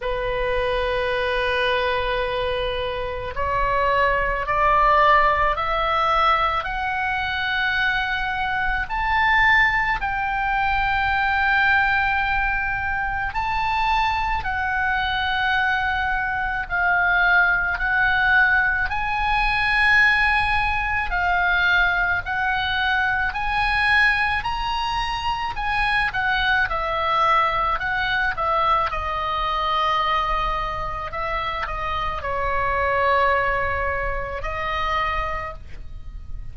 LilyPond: \new Staff \with { instrumentName = "oboe" } { \time 4/4 \tempo 4 = 54 b'2. cis''4 | d''4 e''4 fis''2 | a''4 g''2. | a''4 fis''2 f''4 |
fis''4 gis''2 f''4 | fis''4 gis''4 ais''4 gis''8 fis''8 | e''4 fis''8 e''8 dis''2 | e''8 dis''8 cis''2 dis''4 | }